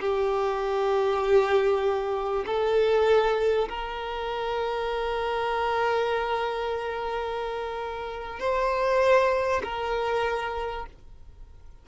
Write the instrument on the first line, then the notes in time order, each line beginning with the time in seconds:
violin
0.00 G4
2.46 A4
3.69 A#4
8.40 C5
9.64 A#4